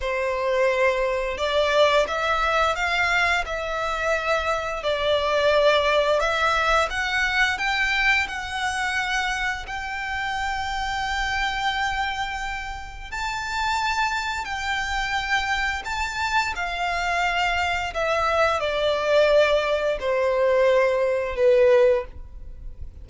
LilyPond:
\new Staff \with { instrumentName = "violin" } { \time 4/4 \tempo 4 = 87 c''2 d''4 e''4 | f''4 e''2 d''4~ | d''4 e''4 fis''4 g''4 | fis''2 g''2~ |
g''2. a''4~ | a''4 g''2 a''4 | f''2 e''4 d''4~ | d''4 c''2 b'4 | }